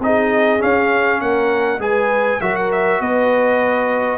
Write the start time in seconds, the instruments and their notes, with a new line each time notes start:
0.00 tuba C4, trombone D#4, horn G#4, trumpet D#5
0.59 trombone C#4, tuba C#4, trumpet F5
1.21 tuba A#3, horn A#4, trumpet F#5
1.79 tuba G#3, trombone G#4, horn B4, trumpet G#5
2.41 tuba F#3, trombone F#4, horn A#4, trumpet E5
2.56 trumpet F#5
2.72 trumpet E5
3.00 tuba B3, horn B4, trumpet D#5